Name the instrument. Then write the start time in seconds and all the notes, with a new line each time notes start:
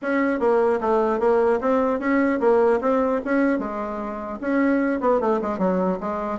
bassoon
0.02 C#4
0.39 A#3
0.80 A3
1.19 A#3
1.60 C4
1.99 C#4
2.40 A#3
2.80 C4
3.24 C#4
3.58 G#3
4.41 C#4
5.00 B3
5.20 A3
5.41 G#3
5.58 F#3
6.00 G#3